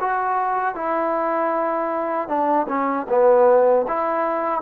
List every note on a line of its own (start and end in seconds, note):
0.00 0.75 F#4
0.75 2.28 E4
2.28 2.66 D4
2.68 3.07 C#4
3.09 3.86 B3
3.87 4.61 E4